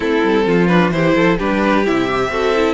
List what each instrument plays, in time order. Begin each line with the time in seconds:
0.00 cello A3, viola C4, violin E4 A4
0.23 cello G3
0.46 cello F3, violin F4
0.67 viola D4, violin B4
0.90 cello E3, viola E4, violin G4 C5
1.15 cello F3, violin A4
1.38 cello G3, viola D4, violin G4 B4
1.85 cello C3, viola E4, violin E5
2.10 viola G4
2.28 cello C4, viola F#4, violin A4
2.55 viola E4